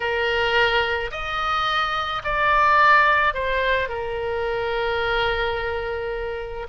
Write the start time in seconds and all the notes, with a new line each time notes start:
0.00 A#4
1.11 D#5
2.24 D5
3.34 C5
3.89 A#4